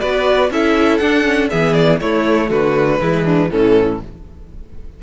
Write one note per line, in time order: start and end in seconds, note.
0.00 0.50 B3
0.00 0.51 F#4
0.00 0.51 B4
0.00 0.50 D5
0.50 1.00 C#4
0.50 1.01 E4
0.50 1.51 A4
0.50 0.98 E5
0.98 1.50 D4
0.98 1.24 D4
0.98 1.48 F#5
1.24 1.49 C#4
1.50 2.01 E3
1.50 2.00 B3
1.50 2.01 G#4
1.50 1.74 E5
1.74 1.99 D5
2.01 2.51 A3
2.01 3.01 A3
2.01 2.49 E4
2.01 2.51 C#5
2.49 3.01 D3
2.49 2.99 F#4
2.49 3.51 B4
3.01 3.51 E3
3.01 3.51 G#3
3.01 3.24 E4
3.24 3.49 D4
3.51 4.03 A2
3.51 4.01 E3
3.51 4.02 C#4
3.51 4.01 A4